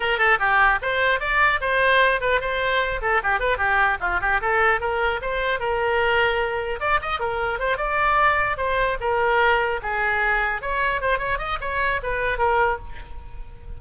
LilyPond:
\new Staff \with { instrumentName = "oboe" } { \time 4/4 \tempo 4 = 150 ais'8 a'8 g'4 c''4 d''4 | c''4. b'8 c''4. a'8 | g'8 b'8 g'4 f'8 g'8 a'4 | ais'4 c''4 ais'2~ |
ais'4 d''8 dis''8 ais'4 c''8 d''8~ | d''4. c''4 ais'4.~ | ais'8 gis'2 cis''4 c''8 | cis''8 dis''8 cis''4 b'4 ais'4 | }